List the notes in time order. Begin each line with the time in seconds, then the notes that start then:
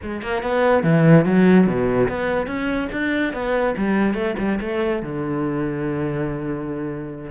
0.02 G#3
0.21 A#3
0.42 B3
0.83 E3
1.25 F#3
1.66 B2
2.08 B3
2.47 C#4
2.92 D4
3.33 B3
3.77 G3
4.14 A3
4.38 G3
4.60 A3
5.02 D3